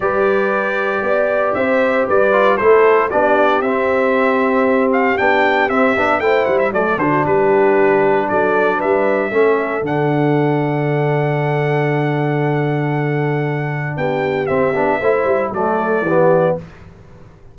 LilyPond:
<<
  \new Staff \with { instrumentName = "trumpet" } { \time 4/4 \tempo 4 = 116 d''2. e''4 | d''4 c''4 d''4 e''4~ | e''4. f''8 g''4 e''4 | g''8 fis''16 e''16 d''8 c''8 b'2 |
d''4 e''2 fis''4~ | fis''1~ | fis''2. g''4 | e''2 d''2 | }
  \new Staff \with { instrumentName = "horn" } { \time 4/4 b'2 d''4 c''4 | b'4 a'4 g'2~ | g'1 | c''4 d''8 fis'8 g'2 |
a'4 b'4 a'2~ | a'1~ | a'2. g'4~ | g'4 c''4 a'4 g'4 | }
  \new Staff \with { instrumentName = "trombone" } { \time 4/4 g'1~ | g'8 f'8 e'4 d'4 c'4~ | c'2 d'4 c'8 d'8 | e'4 a8 d'2~ d'8~ |
d'2 cis'4 d'4~ | d'1~ | d'1 | c'8 d'8 e'4 a4 b4 | }
  \new Staff \with { instrumentName = "tuba" } { \time 4/4 g2 b4 c'4 | g4 a4 b4 c'4~ | c'2 b4 c'8 b8 | a8 g8 fis8 d8 g2 |
fis4 g4 a4 d4~ | d1~ | d2. b4 | c'8 b8 a8 g8 fis4 e4 | }
>>